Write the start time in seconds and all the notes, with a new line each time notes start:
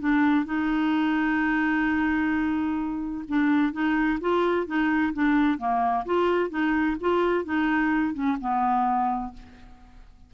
0.00 D4
0.46 D#4
3.29 D4
3.73 D#4
4.21 F4
4.67 D#4
5.14 D4
5.59 A#3
6.05 F4
6.50 D#4
7.01 F4
7.45 D#4
8.14 C#4
8.41 B3